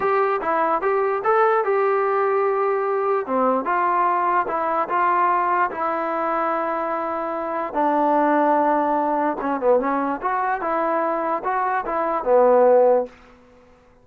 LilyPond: \new Staff \with { instrumentName = "trombone" } { \time 4/4 \tempo 4 = 147 g'4 e'4 g'4 a'4 | g'1 | c'4 f'2 e'4 | f'2 e'2~ |
e'2. d'4~ | d'2. cis'8 b8 | cis'4 fis'4 e'2 | fis'4 e'4 b2 | }